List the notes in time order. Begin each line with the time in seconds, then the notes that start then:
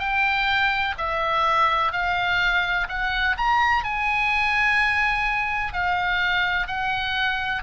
0.00 G5
0.98 E5
1.93 F5
2.89 F#5
3.38 A#5
3.84 G#5
5.73 F5
6.68 F#5